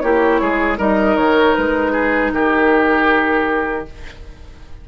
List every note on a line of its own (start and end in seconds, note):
0.00 0.41 A#3
0.00 0.78 E4
0.00 0.41 G4
0.00 0.77 C#5
0.41 0.79 G#3
0.41 0.78 G#4
0.78 1.17 G3
0.78 3.86 D#4
0.78 1.93 A#4
0.78 1.17 D#5
1.17 1.56 D#3
1.17 1.55 C#5
1.55 2.32 G#3
1.55 2.32 B4
1.93 2.31 G#4
2.32 3.86 D#3
2.32 3.88 G4
2.32 3.87 A#4